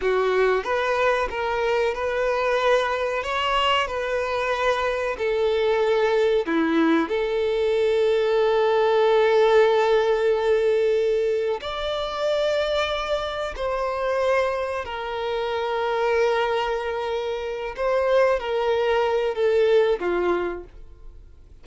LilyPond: \new Staff \with { instrumentName = "violin" } { \time 4/4 \tempo 4 = 93 fis'4 b'4 ais'4 b'4~ | b'4 cis''4 b'2 | a'2 e'4 a'4~ | a'1~ |
a'2 d''2~ | d''4 c''2 ais'4~ | ais'2.~ ais'8 c''8~ | c''8 ais'4. a'4 f'4 | }